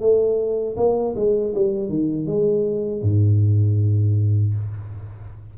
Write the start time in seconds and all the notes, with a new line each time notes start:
0.00 A3
0.77 A#3
1.16 G#3
1.55 G3
1.89 D#3
2.26 G#3
3.02 G#2